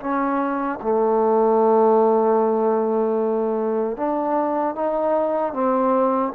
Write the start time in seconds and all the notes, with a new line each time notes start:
0.00 C#4
0.82 A3
3.97 D4
4.75 D#4
5.53 C4